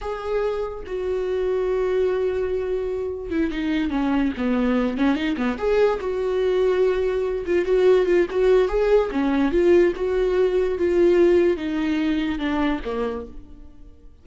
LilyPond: \new Staff \with { instrumentName = "viola" } { \time 4/4 \tempo 4 = 145 gis'2 fis'2~ | fis'1 | e'8 dis'4 cis'4 b4. | cis'8 dis'8 b8 gis'4 fis'4.~ |
fis'2 f'8 fis'4 f'8 | fis'4 gis'4 cis'4 f'4 | fis'2 f'2 | dis'2 d'4 ais4 | }